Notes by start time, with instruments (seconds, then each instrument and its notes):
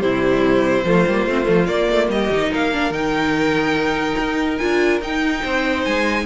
0.00 cello C3, viola G3, violin E4 C5
0.85 cello F3, viola A3, violin F4
1.07 cello G3, viola A#3
1.26 cello A3, viola C4
1.44 cello F3, viola A3
1.66 viola A#3, cello A#3, violin D5
1.90 cello A3
2.09 cello G3, violin G4 D#5
2.31 cello D#3, viola D#4
2.52 cello A#3, violin A#4 F5
2.73 viola D4
2.91 cello D#3, viola D#4, violin G5
4.19 cello D#4
4.58 cello D4, viola F4, violin G#5
5.01 cello D#4, viola D#4, violin G5
5.42 cello C4, violin C5
5.85 cello G#3, violin G#5